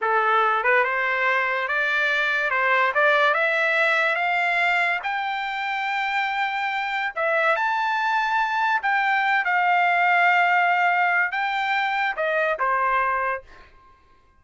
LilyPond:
\new Staff \with { instrumentName = "trumpet" } { \time 4/4 \tempo 4 = 143 a'4. b'8 c''2 | d''2 c''4 d''4 | e''2 f''2 | g''1~ |
g''4 e''4 a''2~ | a''4 g''4. f''4.~ | f''2. g''4~ | g''4 dis''4 c''2 | }